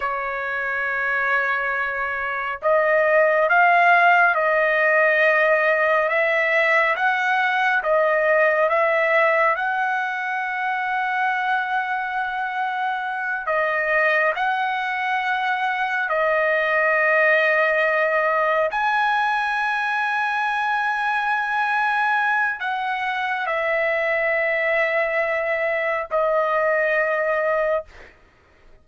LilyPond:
\new Staff \with { instrumentName = "trumpet" } { \time 4/4 \tempo 4 = 69 cis''2. dis''4 | f''4 dis''2 e''4 | fis''4 dis''4 e''4 fis''4~ | fis''2.~ fis''8 dis''8~ |
dis''8 fis''2 dis''4.~ | dis''4. gis''2~ gis''8~ | gis''2 fis''4 e''4~ | e''2 dis''2 | }